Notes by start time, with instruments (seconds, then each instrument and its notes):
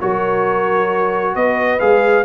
0.00 tuba F#3, trombone F#4, horn A#4, trumpet C#5
1.35 tuba B3, horn B4, trumpet D#5
1.79 tuba G#3, trombone G#4, trumpet F5